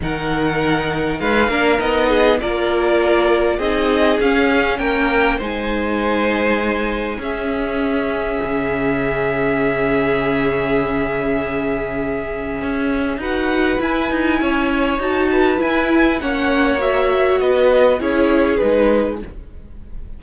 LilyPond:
<<
  \new Staff \with { instrumentName = "violin" } { \time 4/4 \tempo 4 = 100 fis''2 f''4 dis''4 | d''2 dis''4 f''4 | g''4 gis''2. | e''1~ |
e''1~ | e''2 fis''4 gis''4~ | gis''4 a''4 gis''4 fis''4 | e''4 dis''4 cis''4 b'4 | }
  \new Staff \with { instrumentName = "violin" } { \time 4/4 ais'2 b'8 ais'4 gis'8 | ais'2 gis'2 | ais'4 c''2. | gis'1~ |
gis'1~ | gis'2 b'2 | cis''4. b'4. cis''4~ | cis''4 b'4 gis'2 | }
  \new Staff \with { instrumentName = "viola" } { \time 4/4 dis'2~ dis'8 d'8 dis'4 | f'2 dis'4 cis'4~ | cis'4 dis'2. | cis'1~ |
cis'1~ | cis'2 fis'4 e'4~ | e'4 fis'4 e'4 cis'4 | fis'2 e'4 dis'4 | }
  \new Staff \with { instrumentName = "cello" } { \time 4/4 dis2 gis8 ais8 b4 | ais2 c'4 cis'4 | ais4 gis2. | cis'2 cis2~ |
cis1~ | cis4 cis'4 dis'4 e'8 dis'8 | cis'4 dis'4 e'4 ais4~ | ais4 b4 cis'4 gis4 | }
>>